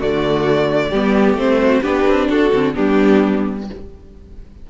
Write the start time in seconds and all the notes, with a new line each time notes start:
0.00 D3 A3 F#4 D5
0.90 G3 B3 G4
1.35 A3 C4 C5
1.62 F#4
1.82 B3 D4 G4 B4
2.08 C4
2.29 D4 F#4 A4
2.53 D3 C4
2.75 G3 B3 D4 G4